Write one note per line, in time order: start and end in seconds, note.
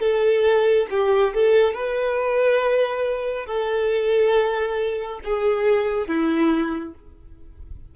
0.00 0.87 A4
0.90 1.34 G4
1.34 1.74 A4
1.74 3.46 B4
3.46 5.20 A4
5.24 6.08 G#4
6.08 6.94 E4